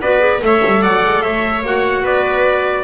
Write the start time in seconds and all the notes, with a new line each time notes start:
0.00 B3 F#4 B4 D5
0.19 G#4
0.40 A3 A4 E5
0.47 C#5
0.66 G3
0.82 F#3 D5 F#5
1.04 G#3
1.22 A3 C#5 E5
1.62 A#3 F#4 F#5
2.03 B3 B4 D5